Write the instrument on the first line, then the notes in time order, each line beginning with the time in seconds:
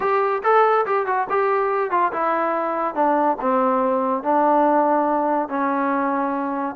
trombone
0.00 G4
0.43 A4
0.86 G4
1.06 F#4
1.29 G4
1.90 F4
2.12 E4
2.94 D4
3.41 C4
4.23 D4
5.49 C#4